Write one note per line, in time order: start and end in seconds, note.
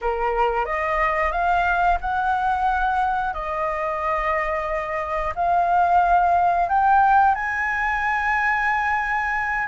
0.01 0.65 A#4
0.65 1.32 D#5
1.32 1.98 F5
2.00 3.33 F#5
3.33 5.33 D#5
5.35 6.68 F5
6.68 7.35 G5
7.35 9.67 G#5